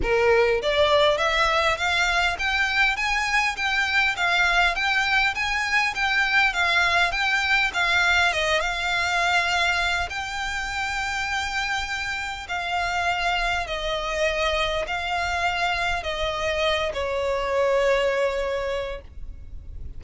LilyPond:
\new Staff \with { instrumentName = "violin" } { \time 4/4 \tempo 4 = 101 ais'4 d''4 e''4 f''4 | g''4 gis''4 g''4 f''4 | g''4 gis''4 g''4 f''4 | g''4 f''4 dis''8 f''4.~ |
f''4 g''2.~ | g''4 f''2 dis''4~ | dis''4 f''2 dis''4~ | dis''8 cis''2.~ cis''8 | }